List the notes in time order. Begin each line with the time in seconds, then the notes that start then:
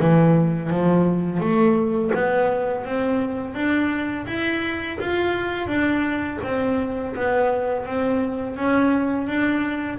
0.00 E3
0.70 F3
1.40 A3
2.14 B3
2.84 C4
3.54 D4
4.26 E4
5.00 F4
5.67 D4
6.43 C4
7.15 B3
7.85 C4
8.56 C#4
9.27 D4